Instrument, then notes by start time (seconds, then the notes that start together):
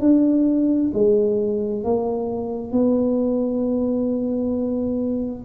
tuba
0.00 D4
0.93 G#3
1.84 A#3
2.72 B3